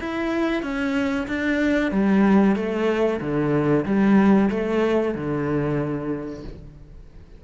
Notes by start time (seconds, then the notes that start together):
0.00 E4
0.62 C#4
1.28 D4
1.91 G3
2.56 A3
3.21 D3
3.85 G3
4.50 A3
5.15 D3